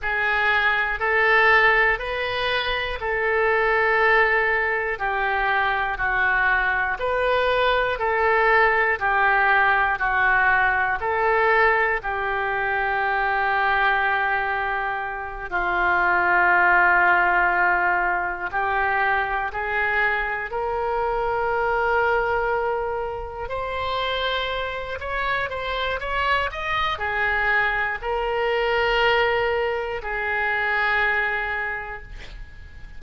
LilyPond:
\new Staff \with { instrumentName = "oboe" } { \time 4/4 \tempo 4 = 60 gis'4 a'4 b'4 a'4~ | a'4 g'4 fis'4 b'4 | a'4 g'4 fis'4 a'4 | g'2.~ g'8 f'8~ |
f'2~ f'8 g'4 gis'8~ | gis'8 ais'2. c''8~ | c''4 cis''8 c''8 cis''8 dis''8 gis'4 | ais'2 gis'2 | }